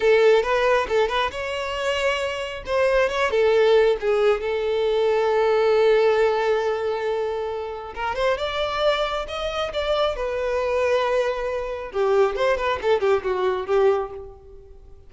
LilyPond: \new Staff \with { instrumentName = "violin" } { \time 4/4 \tempo 4 = 136 a'4 b'4 a'8 b'8 cis''4~ | cis''2 c''4 cis''8 a'8~ | a'4 gis'4 a'2~ | a'1~ |
a'2 ais'8 c''8 d''4~ | d''4 dis''4 d''4 b'4~ | b'2. g'4 | c''8 b'8 a'8 g'8 fis'4 g'4 | }